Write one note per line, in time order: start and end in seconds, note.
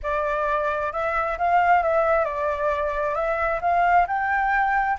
0.02 0.92 D5
0.92 1.37 E5
1.38 1.83 F5
1.83 2.24 E5
2.24 3.15 D5
3.15 3.60 E5
3.61 4.06 F5
4.07 4.97 G5